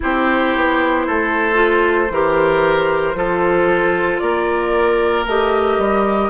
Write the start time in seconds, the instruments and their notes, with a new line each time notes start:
0.00 bassoon C4, clarinet E4, oboe G4, flute C5
0.55 bassoon B3
1.07 bassoon A3, oboe A4
1.54 clarinet F4
2.09 bassoon E3, clarinet G4, oboe A#4
3.14 bassoon F3, clarinet F4, oboe A4
4.19 bassoon A#3, oboe A#4, flute D5
5.25 bassoon A3, clarinet G4, flute D#5
5.78 bassoon G3